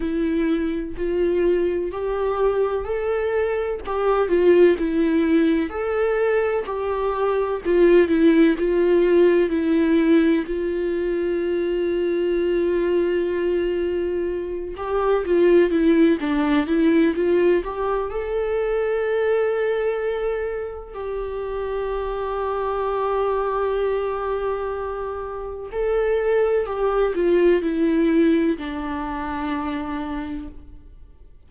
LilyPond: \new Staff \with { instrumentName = "viola" } { \time 4/4 \tempo 4 = 63 e'4 f'4 g'4 a'4 | g'8 f'8 e'4 a'4 g'4 | f'8 e'8 f'4 e'4 f'4~ | f'2.~ f'8 g'8 |
f'8 e'8 d'8 e'8 f'8 g'8 a'4~ | a'2 g'2~ | g'2. a'4 | g'8 f'8 e'4 d'2 | }